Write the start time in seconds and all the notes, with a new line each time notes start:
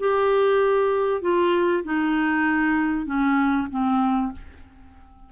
0.00 G4
1.22 F4
1.84 D#4
3.06 C#4
3.71 C4